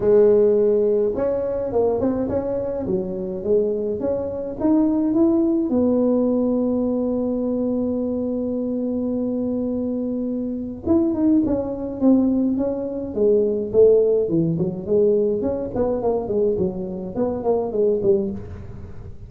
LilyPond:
\new Staff \with { instrumentName = "tuba" } { \time 4/4 \tempo 4 = 105 gis2 cis'4 ais8 c'8 | cis'4 fis4 gis4 cis'4 | dis'4 e'4 b2~ | b1~ |
b2. e'8 dis'8 | cis'4 c'4 cis'4 gis4 | a4 e8 fis8 gis4 cis'8 b8 | ais8 gis8 fis4 b8 ais8 gis8 g8 | }